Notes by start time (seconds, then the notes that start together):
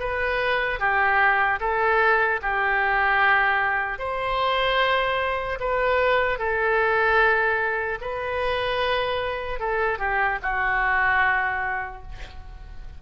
0.00 B4
0.80 G4
1.60 A4
2.42 G4
3.99 C5
5.60 B4
6.39 A4
8.01 B4
9.60 A4
9.99 G4
10.43 F#4